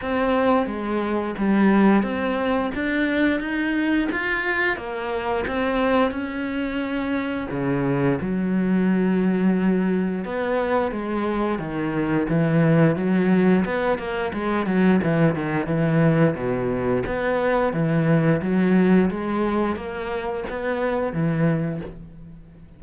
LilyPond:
\new Staff \with { instrumentName = "cello" } { \time 4/4 \tempo 4 = 88 c'4 gis4 g4 c'4 | d'4 dis'4 f'4 ais4 | c'4 cis'2 cis4 | fis2. b4 |
gis4 dis4 e4 fis4 | b8 ais8 gis8 fis8 e8 dis8 e4 | b,4 b4 e4 fis4 | gis4 ais4 b4 e4 | }